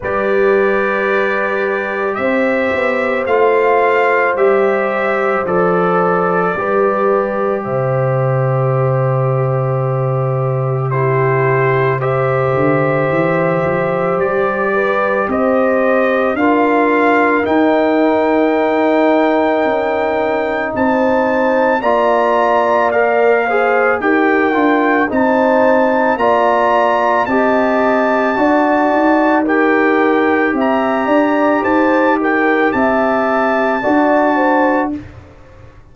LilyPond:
<<
  \new Staff \with { instrumentName = "trumpet" } { \time 4/4 \tempo 4 = 55 d''2 e''4 f''4 | e''4 d''2 e''4~ | e''2 c''4 e''4~ | e''4 d''4 dis''4 f''4 |
g''2. a''4 | ais''4 f''4 g''4 a''4 | ais''4 a''2 g''4 | ais''4 a''8 g''8 a''2 | }
  \new Staff \with { instrumentName = "horn" } { \time 4/4 b'2 c''2~ | c''2 b'4 c''4~ | c''2 g'4 c''4~ | c''4. b'8 c''4 ais'4~ |
ais'2. c''4 | d''4. c''8 ais'4 c''4 | d''4 dis''4 d''4 ais'4 | e''8 d''8 c''8 ais'8 e''4 d''8 c''8 | }
  \new Staff \with { instrumentName = "trombone" } { \time 4/4 g'2. f'4 | g'4 a'4 g'2~ | g'2 e'4 g'4~ | g'2. f'4 |
dis'1 | f'4 ais'8 gis'8 g'8 f'8 dis'4 | f'4 g'4 fis'4 g'4~ | g'2. fis'4 | }
  \new Staff \with { instrumentName = "tuba" } { \time 4/4 g2 c'8 b8 a4 | g4 f4 g4 c4~ | c2.~ c8 d8 | e8 f8 g4 c'4 d'4 |
dis'2 cis'4 c'4 | ais2 dis'8 d'8 c'4 | ais4 c'4 d'8 dis'4. | c'8 d'8 dis'4 c'4 d'4 | }
>>